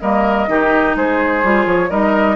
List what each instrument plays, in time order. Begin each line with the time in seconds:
0.00 bassoon G3, clarinet A#3, oboe A#4, flute D#5
0.47 bassoon D#3, clarinet D#4, oboe G4
0.95 bassoon G#3, oboe G#4, flute C5
1.43 bassoon G3, clarinet F4
1.66 bassoon F3, flute C#5
1.89 bassoon G3, clarinet D#4, oboe A#4, flute D#5